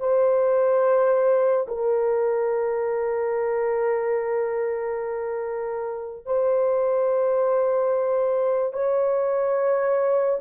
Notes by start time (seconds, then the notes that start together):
0.00 C5
1.68 A#4
6.26 C5
8.73 C#5